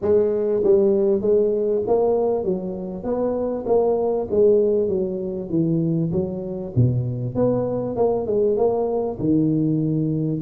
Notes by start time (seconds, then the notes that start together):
0.01 G#3
0.63 G3
1.21 G#3
1.87 A#3
2.44 F#3
3.03 B3
3.66 A#3
4.30 G#3
4.88 F#3
5.49 E3
6.12 F#3
6.75 B2
7.35 B3
7.96 A#3
8.26 G#3
8.57 A#3
9.19 D#3